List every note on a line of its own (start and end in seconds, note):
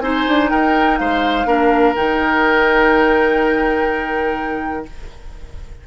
0.00 0.24 C4
0.00 1.46 D#4
0.00 0.51 C5
0.00 0.49 G#5
0.28 0.52 D4
0.50 1.00 D#4
0.50 0.99 A#4
0.50 0.98 G5
0.98 1.45 G#3
0.98 1.47 C5
0.98 1.95 F5
1.45 1.94 A#3
1.45 1.95 D4
1.45 4.86 A#4
1.96 4.87 D#3
1.96 4.86 D#4
1.96 4.86 G5